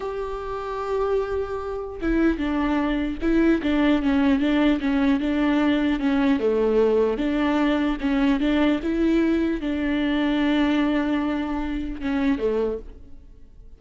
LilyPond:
\new Staff \with { instrumentName = "viola" } { \time 4/4 \tempo 4 = 150 g'1~ | g'4 e'4 d'2 | e'4 d'4 cis'4 d'4 | cis'4 d'2 cis'4 |
a2 d'2 | cis'4 d'4 e'2 | d'1~ | d'2 cis'4 a4 | }